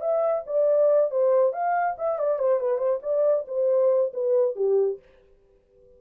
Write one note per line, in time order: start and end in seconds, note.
0.00 0.43 E5
0.46 1.10 D5
1.10 1.52 C5
1.52 1.95 F5
1.98 2.18 E5
2.18 2.38 D5
2.38 2.60 C5
2.60 2.78 B4
2.78 2.99 C5
3.02 3.45 D5
3.47 4.12 C5
4.13 4.55 B4
4.55 4.98 G4